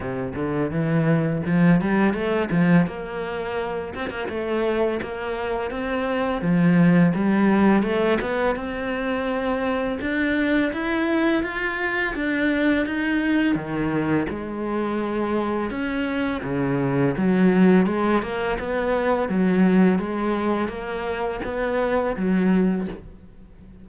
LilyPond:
\new Staff \with { instrumentName = "cello" } { \time 4/4 \tempo 4 = 84 c8 d8 e4 f8 g8 a8 f8 | ais4. c'16 ais16 a4 ais4 | c'4 f4 g4 a8 b8 | c'2 d'4 e'4 |
f'4 d'4 dis'4 dis4 | gis2 cis'4 cis4 | fis4 gis8 ais8 b4 fis4 | gis4 ais4 b4 fis4 | }